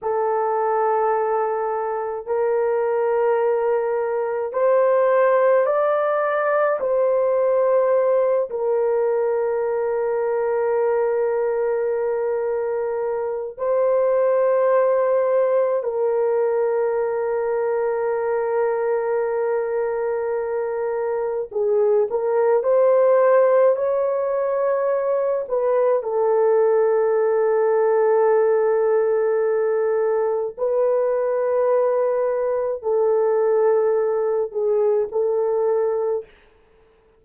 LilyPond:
\new Staff \with { instrumentName = "horn" } { \time 4/4 \tempo 4 = 53 a'2 ais'2 | c''4 d''4 c''4. ais'8~ | ais'1 | c''2 ais'2~ |
ais'2. gis'8 ais'8 | c''4 cis''4. b'8 a'4~ | a'2. b'4~ | b'4 a'4. gis'8 a'4 | }